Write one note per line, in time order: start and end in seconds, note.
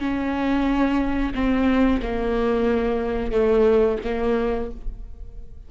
0.00 1.33 C#4
1.35 2.02 C4
2.03 3.32 A#3
3.32 3.99 A3
4.05 4.71 A#3